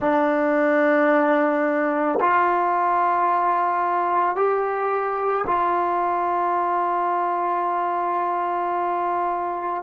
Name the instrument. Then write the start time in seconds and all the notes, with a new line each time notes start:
trombone
0.00 D4
2.20 F4
4.35 G4
5.46 F4